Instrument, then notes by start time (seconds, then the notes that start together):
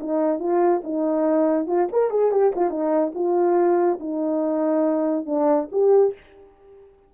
horn
0.00 D#4
0.39 F4
0.83 D#4
1.67 F4
1.92 A#4
2.10 G#4
2.31 G4
2.55 F4
2.70 D#4
3.14 F4
4.00 D#4
5.25 D4
5.71 G4